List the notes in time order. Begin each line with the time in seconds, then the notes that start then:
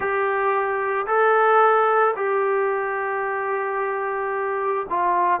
0.00 G4
1.06 A4
2.16 G4
4.89 F4